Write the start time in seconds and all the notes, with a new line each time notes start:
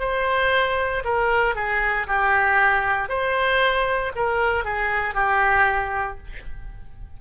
0.00 C5
1.05 A#4
1.56 G#4
2.08 G4
3.09 C5
4.16 A#4
4.65 G#4
5.15 G4